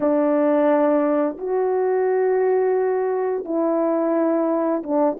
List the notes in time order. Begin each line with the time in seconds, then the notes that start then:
0.00 D4
1.38 F#4
3.45 E4
4.83 D4